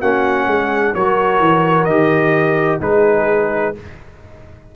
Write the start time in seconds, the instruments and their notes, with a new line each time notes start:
0.00 tuba A#3, trombone C#4, horn F#4, trumpet F#5
0.47 tuba G#3, horn G#4
0.95 tuba F#3, trombone F#4, horn A#4, trumpet C#5
1.39 tuba E3
1.85 tuba D#3, trombone G4, trumpet D#5
2.80 tuba G#3, trombone D#4, horn G#4, trumpet B4